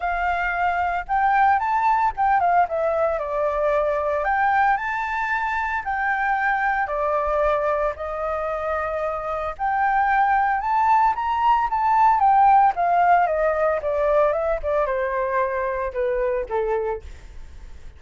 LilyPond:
\new Staff \with { instrumentName = "flute" } { \time 4/4 \tempo 4 = 113 f''2 g''4 a''4 | g''8 f''8 e''4 d''2 | g''4 a''2 g''4~ | g''4 d''2 dis''4~ |
dis''2 g''2 | a''4 ais''4 a''4 g''4 | f''4 dis''4 d''4 e''8 d''8 | c''2 b'4 a'4 | }